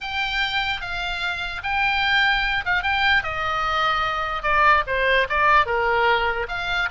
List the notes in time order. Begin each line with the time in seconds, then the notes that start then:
0.00 G5
0.81 F5
1.63 G5
2.65 F5
2.82 G5
3.23 D#5
4.43 D5
4.86 C5
5.29 D5
5.66 A#4
6.48 F5